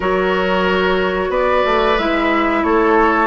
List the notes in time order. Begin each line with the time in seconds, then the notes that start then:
0.00 F#3 F#4 A#4 C#5
1.29 B3 B4 D5
1.65 A3
1.98 G#3 E4 E5
2.63 A3 A4 C#5